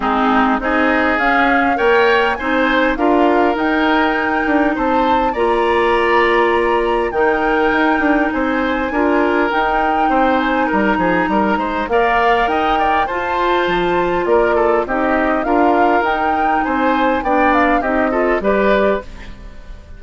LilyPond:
<<
  \new Staff \with { instrumentName = "flute" } { \time 4/4 \tempo 4 = 101 gis'4 dis''4 f''4 g''4 | gis''4 f''4 g''2 | a''4 ais''2. | g''2 gis''2 |
g''4. gis''8 ais''2 | f''4 g''4 a''2 | d''4 dis''4 f''4 g''4 | gis''4 g''8 f''8 dis''4 d''4 | }
  \new Staff \with { instrumentName = "oboe" } { \time 4/4 dis'4 gis'2 cis''4 | c''4 ais'2. | c''4 d''2. | ais'2 c''4 ais'4~ |
ais'4 c''4 ais'8 gis'8 ais'8 c''8 | d''4 dis''8 d''8 c''2 | ais'8 a'8 g'4 ais'2 | c''4 d''4 g'8 a'8 b'4 | }
  \new Staff \with { instrumentName = "clarinet" } { \time 4/4 c'4 dis'4 cis'4 ais'4 | dis'4 f'4 dis'2~ | dis'4 f'2. | dis'2. f'4 |
dis'1 | ais'2 f'2~ | f'4 dis'4 f'4 dis'4~ | dis'4 d'4 dis'8 f'8 g'4 | }
  \new Staff \with { instrumentName = "bassoon" } { \time 4/4 gis4 c'4 cis'4 ais4 | c'4 d'4 dis'4. d'8 | c'4 ais2. | dis4 dis'8 d'8 c'4 d'4 |
dis'4 c'4 g8 f8 g8 gis8 | ais4 dis'4 f'4 f4 | ais4 c'4 d'4 dis'4 | c'4 b4 c'4 g4 | }
>>